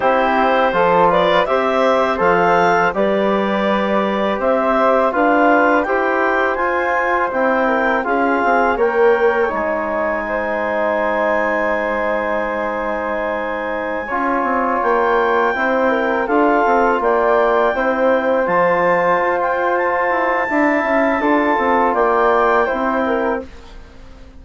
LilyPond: <<
  \new Staff \with { instrumentName = "clarinet" } { \time 4/4 \tempo 4 = 82 c''4. d''8 e''4 f''4 | d''2 e''4 f''4 | g''4 gis''4 g''4 f''4 | g''4 gis''2.~ |
gis''1~ | gis''16 g''2 f''4 g''8.~ | g''4~ g''16 a''4~ a''16 g''8 a''4~ | a''2 g''2 | }
  \new Staff \with { instrumentName = "flute" } { \time 4/4 g'4 a'8 b'8 c''2 | b'2 c''4 b'4 | c''2~ c''8 ais'8 gis'4 | cis''2 c''2~ |
c''2.~ c''16 cis''8.~ | cis''4~ cis''16 c''8 ais'8 a'4 d''8.~ | d''16 c''2.~ c''8. | e''4 a'4 d''4 c''8 ais'8 | }
  \new Staff \with { instrumentName = "trombone" } { \time 4/4 e'4 f'4 g'4 a'4 | g'2. f'4 | g'4 f'4 e'4 f'4 | ais'4 dis'2.~ |
dis'2.~ dis'16 f'8.~ | f'4~ f'16 e'4 f'4.~ f'16~ | f'16 e'4 f'2~ f'8. | e'4 f'2 e'4 | }
  \new Staff \with { instrumentName = "bassoon" } { \time 4/4 c'4 f4 c'4 f4 | g2 c'4 d'4 | e'4 f'4 c'4 cis'8 c'8 | ais4 gis2.~ |
gis2.~ gis16 cis'8 c'16~ | c'16 ais4 c'4 d'8 c'8 ais8.~ | ais16 c'4 f4 f'4~ f'16 e'8 | d'8 cis'8 d'8 c'8 ais4 c'4 | }
>>